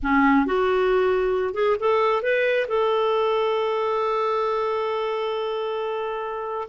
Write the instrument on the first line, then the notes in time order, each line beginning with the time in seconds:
clarinet
0.03 C#4
0.45 F#4
1.54 G#4
1.79 A4
2.22 B4
2.68 A4